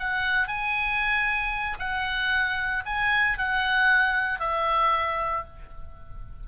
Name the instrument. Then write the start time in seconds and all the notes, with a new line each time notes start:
oboe
0.00 F#5
0.48 G#5
1.80 F#5
2.86 G#5
3.38 F#5
4.40 E5